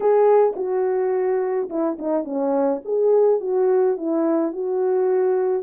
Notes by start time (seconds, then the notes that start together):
0.00 G#4
0.56 F#4
1.69 E4
1.98 D#4
2.24 C#4
2.85 G#4
3.40 F#4
3.97 E4
4.52 F#4